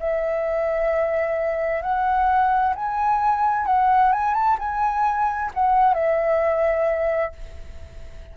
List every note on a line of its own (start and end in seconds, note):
0.00 1.83 E5
1.83 2.75 F#5
2.76 3.67 G#5
3.67 4.13 F#5
4.13 4.35 G#5
4.35 4.58 A5
4.59 5.52 G#5
5.55 5.95 F#5
5.95 7.33 E5